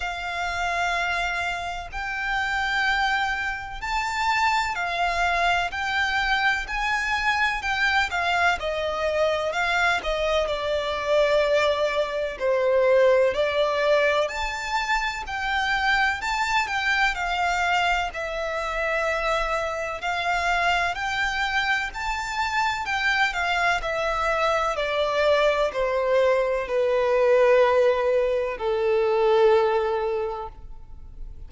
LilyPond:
\new Staff \with { instrumentName = "violin" } { \time 4/4 \tempo 4 = 63 f''2 g''2 | a''4 f''4 g''4 gis''4 | g''8 f''8 dis''4 f''8 dis''8 d''4~ | d''4 c''4 d''4 a''4 |
g''4 a''8 g''8 f''4 e''4~ | e''4 f''4 g''4 a''4 | g''8 f''8 e''4 d''4 c''4 | b'2 a'2 | }